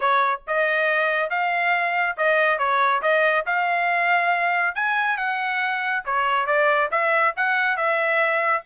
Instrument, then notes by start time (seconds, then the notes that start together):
trumpet
0.00 C#5
0.47 D#5
1.30 F5
2.17 D#5
2.58 C#5
3.02 D#5
3.45 F5
4.75 G#5
5.17 F#5
6.05 C#5
6.46 D5
6.91 E5
7.36 F#5
7.76 E5